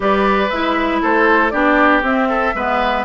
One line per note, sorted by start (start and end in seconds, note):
0.00 0.50 G3
0.00 0.49 G4
0.00 1.01 B4
0.00 0.49 D5
0.49 1.01 G#3
0.49 1.52 E4
0.49 1.00 E5
1.01 1.53 A3
1.01 1.52 A4
1.01 1.49 C5
1.49 2.02 B3
1.49 2.03 D4
1.49 2.28 G4
1.49 2.00 D5
2.02 2.53 C4
2.02 2.54 C4
2.02 3.05 E5
2.28 2.54 A4
2.54 3.05 G#3
2.54 3.05 B3
2.54 3.05 B4